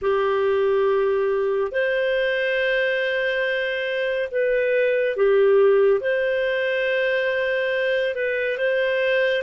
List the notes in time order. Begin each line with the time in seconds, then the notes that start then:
0.01 G4
1.71 C5
4.31 B4
5.16 G4
6.00 C5
8.14 B4
8.57 C5